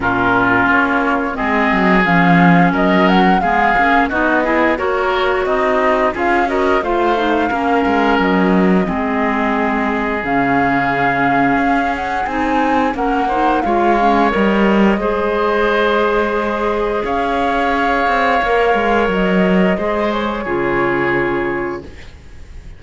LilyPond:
<<
  \new Staff \with { instrumentName = "flute" } { \time 4/4 \tempo 4 = 88 ais'4 cis''4 dis''4 f''4 | dis''8 fis''8 f''4 dis''4 cis''4 | dis''4 f''8 dis''8 f''2 | dis''2. f''4~ |
f''4. fis''8 gis''4 fis''4 | f''4 dis''2.~ | dis''4 f''2. | dis''4. cis''2~ cis''8 | }
  \new Staff \with { instrumentName = "oboe" } { \time 4/4 f'2 gis'2 | ais'4 gis'4 fis'8 gis'8 ais'4 | dis'4 gis'8 ais'8 c''4 ais'4~ | ais'4 gis'2.~ |
gis'2. ais'8 c''8 | cis''2 c''2~ | c''4 cis''2.~ | cis''4 c''4 gis'2 | }
  \new Staff \with { instrumentName = "clarinet" } { \time 4/4 cis'2 c'4 cis'4~ | cis'4 b8 cis'8 dis'8 e'8 fis'4~ | fis'4 f'8 fis'8 f'8 dis'8 cis'4~ | cis'4 c'2 cis'4~ |
cis'2 dis'4 cis'8 dis'8 | f'8 cis'8 ais'4 gis'2~ | gis'2. ais'4~ | ais'4 gis'4 f'2 | }
  \new Staff \with { instrumentName = "cello" } { \time 4/4 ais,4 ais4 gis8 fis8 f4 | fis4 gis8 ais8 b4 ais4 | c'4 cis'4 a4 ais8 gis8 | fis4 gis2 cis4~ |
cis4 cis'4 c'4 ais4 | gis4 g4 gis2~ | gis4 cis'4. c'8 ais8 gis8 | fis4 gis4 cis2 | }
>>